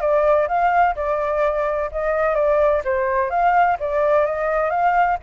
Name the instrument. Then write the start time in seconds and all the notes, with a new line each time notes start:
flute
0.00 D5
0.48 F5
0.95 D5
1.91 D#5
2.34 D5
2.84 C5
3.30 F5
3.79 D5
4.25 D#5
4.70 F5